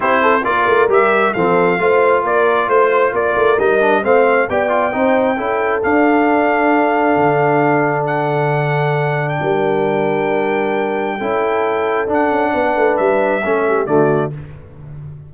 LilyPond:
<<
  \new Staff \with { instrumentName = "trumpet" } { \time 4/4 \tempo 4 = 134 c''4 d''4 e''4 f''4~ | f''4 d''4 c''4 d''4 | dis''4 f''4 g''2~ | g''4 f''2.~ |
f''2 fis''2~ | fis''8. g''2.~ g''16~ | g''2. fis''4~ | fis''4 e''2 d''4 | }
  \new Staff \with { instrumentName = "horn" } { \time 4/4 g'8 a'8 ais'2 a'4 | c''4 ais'4 c''4 ais'4~ | ais'4 c''4 d''4 c''4 | a'1~ |
a'1~ | a'4 ais'2.~ | ais'4 a'2. | b'2 a'8 g'8 fis'4 | }
  \new Staff \with { instrumentName = "trombone" } { \time 4/4 e'4 f'4 g'4 c'4 | f'1 | dis'8 d'8 c'4 g'8 f'8 dis'4 | e'4 d'2.~ |
d'1~ | d'1~ | d'4 e'2 d'4~ | d'2 cis'4 a4 | }
  \new Staff \with { instrumentName = "tuba" } { \time 4/4 c'4 ais8 a8 g4 f4 | a4 ais4 a4 ais8 a8 | g4 a4 b4 c'4 | cis'4 d'2. |
d1~ | d4 g2.~ | g4 cis'2 d'8 cis'8 | b8 a8 g4 a4 d4 | }
>>